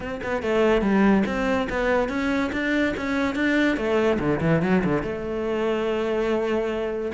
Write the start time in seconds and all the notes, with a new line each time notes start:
0.00 C4
0.23 B3
0.42 A3
0.81 G3
1.26 C4
1.69 B3
2.08 C#4
2.52 D4
2.96 C#4
3.35 D4
3.76 A3
4.19 D3
4.41 E3
4.62 F#3
4.84 D3
5.02 A3